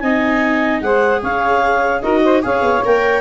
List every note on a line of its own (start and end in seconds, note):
0.00 0.82 C4
0.00 0.84 D#4
0.00 0.83 D#5
0.00 0.81 G#5
0.81 1.22 G#3
0.81 2.03 G#4
0.81 1.22 C5
0.81 1.22 F#5
1.22 2.03 C#4
1.22 2.02 C#5
1.22 2.02 F5
2.02 2.44 D#4
2.02 2.43 F#4
2.02 2.23 A#4
2.02 2.42 D#5
2.24 2.45 C5
2.43 2.62 C#4
2.43 2.83 G#4
2.43 3.22 C#5
2.43 2.84 F5
2.62 2.82 B3
2.85 3.22 A#3
2.85 3.22 A#4
2.85 3.22 G5